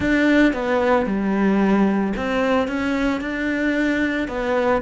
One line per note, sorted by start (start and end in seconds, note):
0.00 0.53 D4
0.53 1.05 B3
1.05 2.13 G3
2.16 2.67 C4
2.67 3.20 C#4
3.20 4.27 D4
4.27 4.81 B3